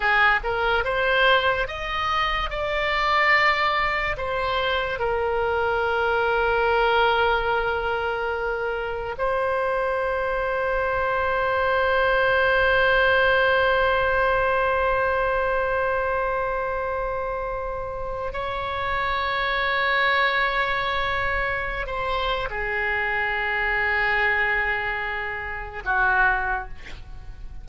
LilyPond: \new Staff \with { instrumentName = "oboe" } { \time 4/4 \tempo 4 = 72 gis'8 ais'8 c''4 dis''4 d''4~ | d''4 c''4 ais'2~ | ais'2. c''4~ | c''1~ |
c''1~ | c''2 cis''2~ | cis''2~ cis''16 c''8. gis'4~ | gis'2. fis'4 | }